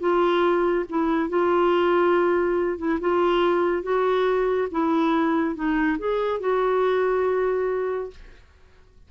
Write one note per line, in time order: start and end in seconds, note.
0.00 0.85 F4
0.89 1.29 E4
1.29 2.78 F4
2.78 2.99 E4
3.01 3.83 F4
3.83 4.68 F#4
4.71 5.55 E4
5.55 5.98 D#4
5.98 6.40 G#4
6.40 8.10 F#4